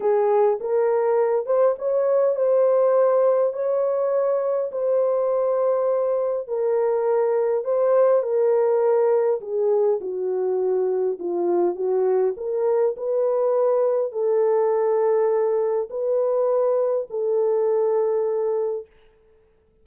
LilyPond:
\new Staff \with { instrumentName = "horn" } { \time 4/4 \tempo 4 = 102 gis'4 ais'4. c''8 cis''4 | c''2 cis''2 | c''2. ais'4~ | ais'4 c''4 ais'2 |
gis'4 fis'2 f'4 | fis'4 ais'4 b'2 | a'2. b'4~ | b'4 a'2. | }